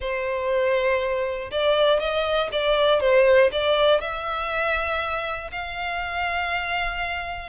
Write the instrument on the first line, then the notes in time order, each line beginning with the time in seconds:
violin
0.00 C5
1.51 D5
1.99 D#5
2.52 D5
3.00 C5
3.52 D5
4.00 E5
5.51 F5